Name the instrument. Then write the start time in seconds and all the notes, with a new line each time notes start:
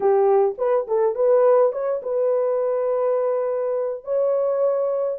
horn
0.00 G4
0.58 B4
0.87 A4
1.15 B4
1.72 C#5
2.02 B4
4.04 C#5